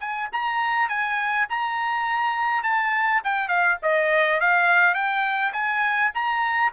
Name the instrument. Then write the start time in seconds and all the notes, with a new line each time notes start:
trumpet
0.00 G#5
0.32 A#5
0.88 G#5
1.50 A#5
2.63 A5
3.24 G5
3.48 F5
3.82 D#5
4.40 F5
4.94 G5
5.53 G#5
6.14 A#5